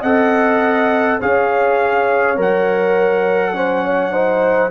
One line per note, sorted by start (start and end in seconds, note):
0.00 1.20 C4
0.00 1.21 A4
0.00 1.18 D#5
0.00 1.20 F#5
1.19 2.37 C#4
1.19 2.36 G#4
1.19 3.55 C#5
1.19 2.38 F5
2.36 4.71 F#3
2.36 3.53 A#4
2.36 4.71 F#5
3.53 4.12 C#4
3.53 3.84 C5
3.84 4.12 C#5
4.12 4.70 D#4
4.12 4.71 C5